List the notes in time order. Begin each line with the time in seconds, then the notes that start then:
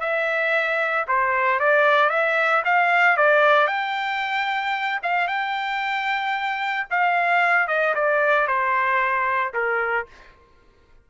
0.00 E5
1.08 C5
1.60 D5
2.10 E5
2.65 F5
3.17 D5
3.67 G5
5.03 F5
5.28 G5
6.91 F5
7.68 D#5
7.95 D5
8.47 C5
9.54 A#4